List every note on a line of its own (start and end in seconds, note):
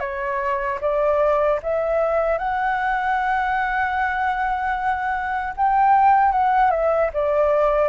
0.00 0.79 C#5
0.81 1.60 D5
1.63 2.38 E5
2.38 5.54 F#5
5.57 6.32 G5
6.32 6.71 F#5
6.71 7.10 E5
7.14 7.89 D5